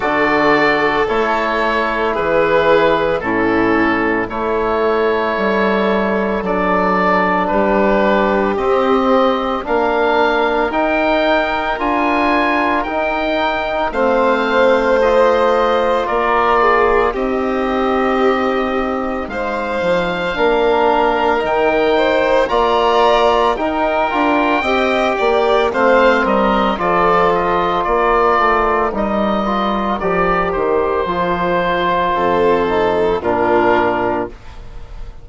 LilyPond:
<<
  \new Staff \with { instrumentName = "oboe" } { \time 4/4 \tempo 4 = 56 d''4 cis''4 b'4 a'4 | cis''2 d''4 b'4 | dis''4 f''4 g''4 gis''4 | g''4 f''4 dis''4 d''4 |
dis''2 f''2 | g''4 ais''4 g''2 | f''8 dis''8 d''8 dis''8 d''4 dis''4 | d''8 c''2~ c''8 ais'4 | }
  \new Staff \with { instrumentName = "violin" } { \time 4/4 a'2 gis'4 e'4 | a'2. g'4~ | g'4 ais'2.~ | ais'4 c''2 ais'8 gis'8 |
g'2 c''4 ais'4~ | ais'8 c''8 d''4 ais'4 dis''8 d''8 | c''8 ais'8 a'4 ais'2~ | ais'2 a'4 f'4 | }
  \new Staff \with { instrumentName = "trombone" } { \time 4/4 fis'4 e'2 cis'4 | e'2 d'2 | c'4 d'4 dis'4 f'4 | dis'4 c'4 f'2 |
dis'2. d'4 | dis'4 f'4 dis'8 f'8 g'4 | c'4 f'2 dis'8 f'8 | g'4 f'4. dis'8 d'4 | }
  \new Staff \with { instrumentName = "bassoon" } { \time 4/4 d4 a4 e4 a,4 | a4 g4 fis4 g4 | c'4 ais4 dis'4 d'4 | dis'4 a2 ais4 |
c'2 gis8 f8 ais4 | dis4 ais4 dis'8 d'8 c'8 ais8 | a8 g8 f4 ais8 a8 g4 | f8 dis8 f4 f,4 ais,4 | }
>>